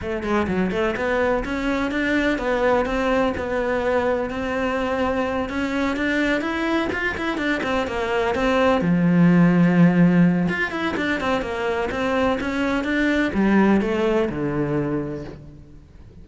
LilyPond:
\new Staff \with { instrumentName = "cello" } { \time 4/4 \tempo 4 = 126 a8 gis8 fis8 a8 b4 cis'4 | d'4 b4 c'4 b4~ | b4 c'2~ c'8 cis'8~ | cis'8 d'4 e'4 f'8 e'8 d'8 |
c'8 ais4 c'4 f4.~ | f2 f'8 e'8 d'8 c'8 | ais4 c'4 cis'4 d'4 | g4 a4 d2 | }